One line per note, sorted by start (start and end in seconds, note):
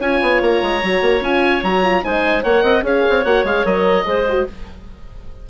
0.00 0.21 C#4
0.00 0.82 F4
0.00 2.03 C#5
0.00 0.42 G#5
0.22 0.42 B3
0.42 0.62 A#3
0.42 1.24 A#5
0.63 0.83 G#3
0.83 1.02 F#3
0.83 1.22 F#4
1.02 1.21 A#3
1.21 1.62 C#4
1.21 1.63 F4
1.21 1.64 G#5
1.63 2.04 F#3
1.63 1.84 F#4
1.63 2.05 A#5
1.84 2.03 F4
2.03 2.44 G#3
2.03 2.44 D#4
2.03 2.44 C5
2.03 2.44 G#5
2.44 2.64 A#3
2.44 2.83 A#4
2.44 2.63 C#5
2.44 2.84 F#5
2.63 2.83 C4
2.63 2.84 D#5
2.83 3.03 C#4
2.83 3.23 G#4
2.83 4.07 C#5
2.83 3.25 F5
3.10 3.25 C4
3.25 3.44 A#3
3.25 3.46 F#4
3.25 3.46 F#5
3.44 3.65 G#3
3.44 3.65 G#4
3.44 3.66 F5
3.65 4.06 F#3
3.65 4.06 A#4
3.65 4.47 D#5
4.06 4.47 G#3
4.06 4.26 G#4
4.06 4.47 C5
4.30 4.50 F#4